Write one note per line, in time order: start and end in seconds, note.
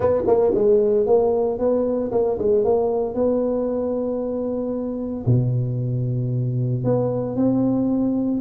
0.00 0.22 B3
0.26 0.53 A#3
0.54 1.06 G#3
1.06 1.58 A#3
1.58 2.11 B3
2.11 2.38 A#3
2.38 2.64 G#3
2.64 3.14 A#3
3.14 5.25 B3
5.26 6.83 B2
6.83 7.36 B3
7.36 8.41 C4